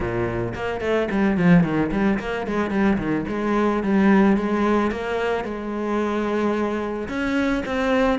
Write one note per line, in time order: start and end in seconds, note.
0.00 0.54 A#2
0.55 0.81 A#3
0.81 1.08 A3
1.10 1.37 G3
1.37 1.63 F3
1.63 1.90 D#3
1.91 2.18 G3
2.19 2.46 A#3
2.46 2.70 G#3
2.70 2.97 G3
2.98 3.25 D#3
3.28 3.83 G#3
3.83 4.36 G3
4.36 4.91 G#3
4.91 5.44 A#3
5.44 7.08 G#3
7.08 7.63 C#4
7.65 8.19 C4